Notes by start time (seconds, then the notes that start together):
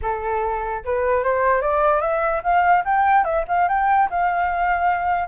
0.02 A4
0.84 B4
1.23 C5
1.61 D5
2.01 E5
2.43 F5
2.84 G5
3.24 E5
3.47 F5
3.68 G5
4.10 F5